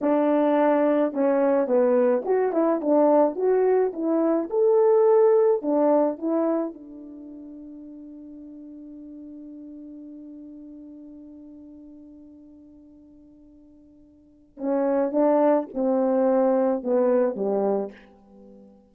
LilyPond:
\new Staff \with { instrumentName = "horn" } { \time 4/4 \tempo 4 = 107 d'2 cis'4 b4 | fis'8 e'8 d'4 fis'4 e'4 | a'2 d'4 e'4 | d'1~ |
d'1~ | d'1~ | d'2 cis'4 d'4 | c'2 b4 g4 | }